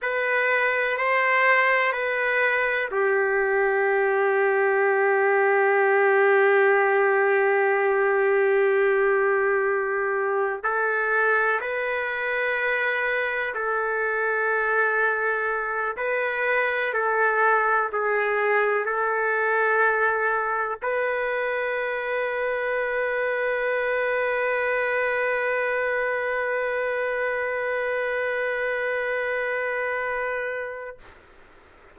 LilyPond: \new Staff \with { instrumentName = "trumpet" } { \time 4/4 \tempo 4 = 62 b'4 c''4 b'4 g'4~ | g'1~ | g'2. a'4 | b'2 a'2~ |
a'8 b'4 a'4 gis'4 a'8~ | a'4. b'2~ b'8~ | b'1~ | b'1 | }